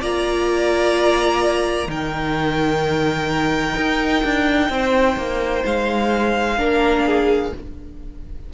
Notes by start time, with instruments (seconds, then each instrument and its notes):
0.00 cello A#3, viola F4, violin D5 A#5
1.86 cello D#3, viola D#4, violin A#4 G5
3.76 cello D#4
4.23 cello D4
4.69 cello C4, violin C5
5.16 cello A#3
5.65 cello G#3, violin F5
6.57 cello A#3, viola D4, violin A#4
7.06 violin G#4